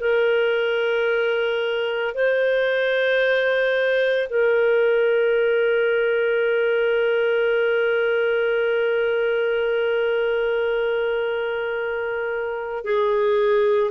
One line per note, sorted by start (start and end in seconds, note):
0.00 2.14 A#4
2.14 4.29 C5
4.30 12.85 A#4
12.85 13.91 G#4